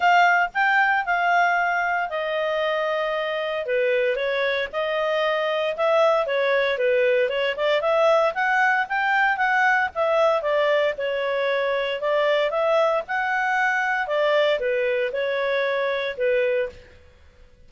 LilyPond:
\new Staff \with { instrumentName = "clarinet" } { \time 4/4 \tempo 4 = 115 f''4 g''4 f''2 | dis''2. b'4 | cis''4 dis''2 e''4 | cis''4 b'4 cis''8 d''8 e''4 |
fis''4 g''4 fis''4 e''4 | d''4 cis''2 d''4 | e''4 fis''2 d''4 | b'4 cis''2 b'4 | }